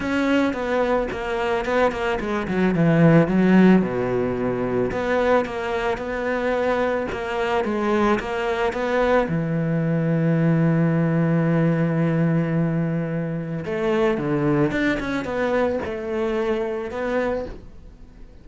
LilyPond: \new Staff \with { instrumentName = "cello" } { \time 4/4 \tempo 4 = 110 cis'4 b4 ais4 b8 ais8 | gis8 fis8 e4 fis4 b,4~ | b,4 b4 ais4 b4~ | b4 ais4 gis4 ais4 |
b4 e2.~ | e1~ | e4 a4 d4 d'8 cis'8 | b4 a2 b4 | }